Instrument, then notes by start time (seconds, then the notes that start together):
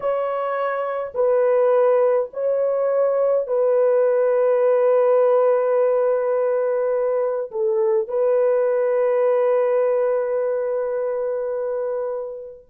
horn
0.00 C#5
1.14 B4
2.33 C#5
3.47 B4
7.51 A4
8.08 B4